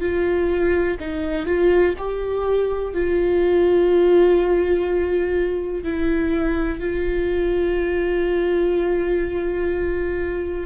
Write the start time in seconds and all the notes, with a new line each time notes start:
0.00 F4
0.99 D#4
1.46 F4
1.98 G4
2.93 F4
5.83 E4
6.79 F4